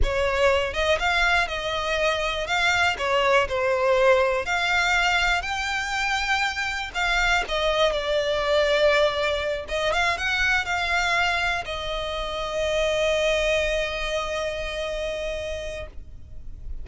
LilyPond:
\new Staff \with { instrumentName = "violin" } { \time 4/4 \tempo 4 = 121 cis''4. dis''8 f''4 dis''4~ | dis''4 f''4 cis''4 c''4~ | c''4 f''2 g''4~ | g''2 f''4 dis''4 |
d''2.~ d''8 dis''8 | f''8 fis''4 f''2 dis''8~ | dis''1~ | dis''1 | }